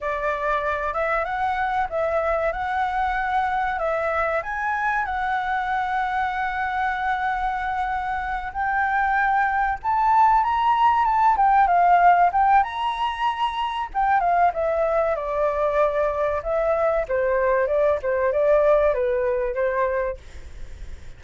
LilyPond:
\new Staff \with { instrumentName = "flute" } { \time 4/4 \tempo 4 = 95 d''4. e''8 fis''4 e''4 | fis''2 e''4 gis''4 | fis''1~ | fis''4. g''2 a''8~ |
a''8 ais''4 a''8 g''8 f''4 g''8 | ais''2 g''8 f''8 e''4 | d''2 e''4 c''4 | d''8 c''8 d''4 b'4 c''4 | }